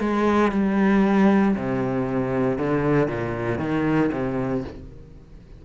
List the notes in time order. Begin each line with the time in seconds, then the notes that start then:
0.00 G#3
0.52 G3
1.56 C3
2.58 D3
3.08 A#2
3.59 D#3
4.12 C3